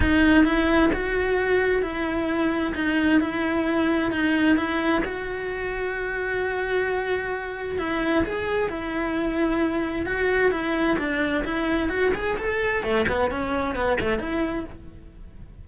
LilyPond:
\new Staff \with { instrumentName = "cello" } { \time 4/4 \tempo 4 = 131 dis'4 e'4 fis'2 | e'2 dis'4 e'4~ | e'4 dis'4 e'4 fis'4~ | fis'1~ |
fis'4 e'4 gis'4 e'4~ | e'2 fis'4 e'4 | d'4 e'4 fis'8 gis'8 a'4 | a8 b8 cis'4 b8 a8 e'4 | }